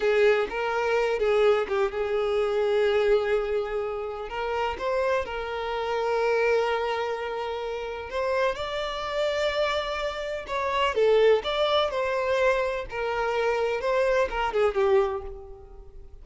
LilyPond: \new Staff \with { instrumentName = "violin" } { \time 4/4 \tempo 4 = 126 gis'4 ais'4. gis'4 g'8 | gis'1~ | gis'4 ais'4 c''4 ais'4~ | ais'1~ |
ais'4 c''4 d''2~ | d''2 cis''4 a'4 | d''4 c''2 ais'4~ | ais'4 c''4 ais'8 gis'8 g'4 | }